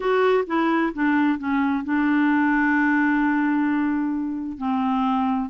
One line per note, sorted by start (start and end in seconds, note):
0.00 0.44 F#4
0.46 0.92 E4
0.93 1.38 D4
1.38 1.84 C#4
1.84 4.58 D4
4.58 5.49 C4